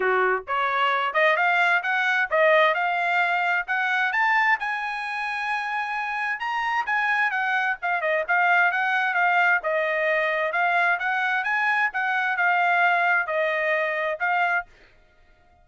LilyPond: \new Staff \with { instrumentName = "trumpet" } { \time 4/4 \tempo 4 = 131 fis'4 cis''4. dis''8 f''4 | fis''4 dis''4 f''2 | fis''4 a''4 gis''2~ | gis''2 ais''4 gis''4 |
fis''4 f''8 dis''8 f''4 fis''4 | f''4 dis''2 f''4 | fis''4 gis''4 fis''4 f''4~ | f''4 dis''2 f''4 | }